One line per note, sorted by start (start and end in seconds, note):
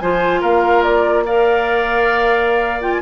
0.00 0.43 F3
0.00 1.26 F4
0.00 0.41 C5
0.00 0.42 G#5
0.41 3.02 A#3
0.41 1.24 A#4
0.41 0.83 F5
0.83 1.25 D5
1.26 2.82 A#4
1.26 3.02 D5
1.26 2.82 F5
2.82 3.02 F4
2.82 2.92 G5
2.92 3.02 G#5